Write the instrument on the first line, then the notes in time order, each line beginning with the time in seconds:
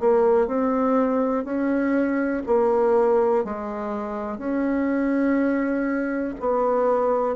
bassoon
0.00 A#3
0.47 C4
1.44 C#4
2.47 A#3
3.45 G#3
4.38 C#4
6.40 B3